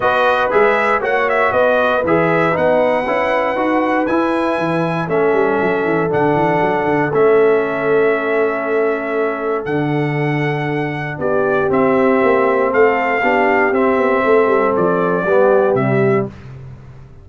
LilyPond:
<<
  \new Staff \with { instrumentName = "trumpet" } { \time 4/4 \tempo 4 = 118 dis''4 e''4 fis''8 e''8 dis''4 | e''4 fis''2. | gis''2 e''2 | fis''2 e''2~ |
e''2. fis''4~ | fis''2 d''4 e''4~ | e''4 f''2 e''4~ | e''4 d''2 e''4 | }
  \new Staff \with { instrumentName = "horn" } { \time 4/4 b'2 cis''4 b'4~ | b'1~ | b'2 a'2~ | a'1~ |
a'1~ | a'2 g'2~ | g'4 a'4 g'2 | a'2 g'2 | }
  \new Staff \with { instrumentName = "trombone" } { \time 4/4 fis'4 gis'4 fis'2 | gis'4 dis'4 e'4 fis'4 | e'2 cis'2 | d'2 cis'2~ |
cis'2. d'4~ | d'2. c'4~ | c'2 d'4 c'4~ | c'2 b4 g4 | }
  \new Staff \with { instrumentName = "tuba" } { \time 4/4 b4 gis4 ais4 b4 | e4 b4 cis'4 dis'4 | e'4 e4 a8 g8 fis8 e8 | d8 e8 fis8 d8 a2~ |
a2. d4~ | d2 b4 c'4 | ais4 a4 b4 c'8 b8 | a8 g8 f4 g4 c4 | }
>>